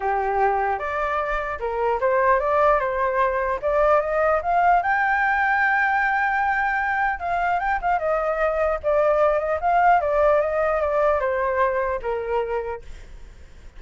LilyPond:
\new Staff \with { instrumentName = "flute" } { \time 4/4 \tempo 4 = 150 g'2 d''2 | ais'4 c''4 d''4 c''4~ | c''4 d''4 dis''4 f''4 | g''1~ |
g''2 f''4 g''8 f''8 | dis''2 d''4. dis''8 | f''4 d''4 dis''4 d''4 | c''2 ais'2 | }